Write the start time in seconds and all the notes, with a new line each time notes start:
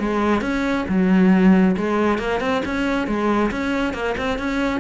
0.00 G#3
0.42 C#4
0.89 F#3
1.77 G#3
2.19 A#3
2.41 C4
2.66 C#4
3.07 G#3
3.52 C#4
3.94 A#3
4.18 C4
4.39 C#4